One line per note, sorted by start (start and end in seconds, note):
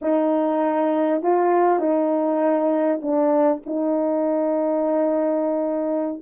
0.01 1.22 D#4
1.22 1.79 F4
1.79 3.00 D#4
3.01 3.62 D4
3.66 6.22 D#4